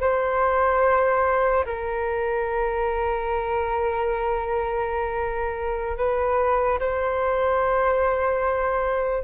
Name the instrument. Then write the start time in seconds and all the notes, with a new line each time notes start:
flute
0.00 C5
1.65 A#4
5.97 B4
6.80 C5